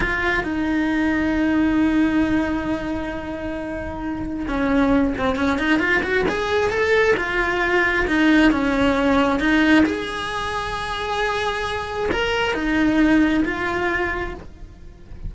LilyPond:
\new Staff \with { instrumentName = "cello" } { \time 4/4 \tempo 4 = 134 f'4 dis'2.~ | dis'1~ | dis'2 cis'4. c'8 | cis'8 dis'8 f'8 fis'8 gis'4 a'4 |
f'2 dis'4 cis'4~ | cis'4 dis'4 gis'2~ | gis'2. ais'4 | dis'2 f'2 | }